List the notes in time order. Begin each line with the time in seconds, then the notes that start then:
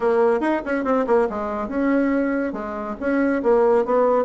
0.00 A#3
0.40 D#4
0.65 C#4
0.84 C4
1.06 A#3
1.29 G#3
1.68 C#4
2.52 G#3
3.00 C#4
3.43 A#3
3.85 B3